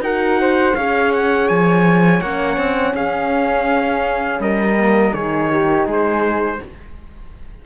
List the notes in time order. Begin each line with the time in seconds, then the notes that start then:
0.00 D#4 F#4 A#4 F#5
0.40 C5
0.75 C#4 G#4 C#5 F5
1.12 F#5
1.48 F3 G#5
2.20 A#3 C#4 F#5
2.57 C4
2.94 C#4 G#4 F5
4.39 G3 A#4 D#5
4.78 A#3
5.12 D#3 D#4 G#4 C#5
5.51 G4
5.86 G#3 G#4
5.92 C5